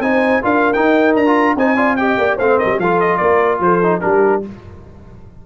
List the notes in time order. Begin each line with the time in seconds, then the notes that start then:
0.00 C4 D#4 C5 G#5
0.43 D4 F4 A#4 F5
0.73 D#4 G5
1.15 D4 A#5
1.27 F4
1.56 C4 D#4 C5 G#5
1.75 F4 D5
1.96 G4 D#5 G5
2.18 A#3 D5
2.37 A3 C4 C5 F5
2.58 A#4 D#5
2.65 G3
2.79 F3 F4 A4 F5
3.00 D#5
3.17 A#3 A#4 D5
3.60 F3 A4 C5
3.83 D#4
4.01 G3 D4 G4 A#4